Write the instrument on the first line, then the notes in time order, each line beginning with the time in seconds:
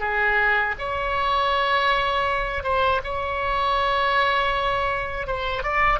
oboe
0.00 G#4
0.78 C#5
2.64 C5
3.04 C#5
5.27 C5
5.63 D5